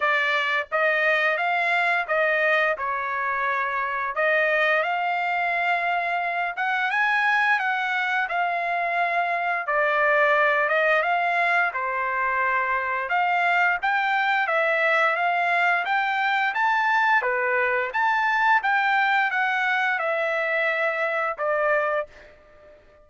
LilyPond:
\new Staff \with { instrumentName = "trumpet" } { \time 4/4 \tempo 4 = 87 d''4 dis''4 f''4 dis''4 | cis''2 dis''4 f''4~ | f''4. fis''8 gis''4 fis''4 | f''2 d''4. dis''8 |
f''4 c''2 f''4 | g''4 e''4 f''4 g''4 | a''4 b'4 a''4 g''4 | fis''4 e''2 d''4 | }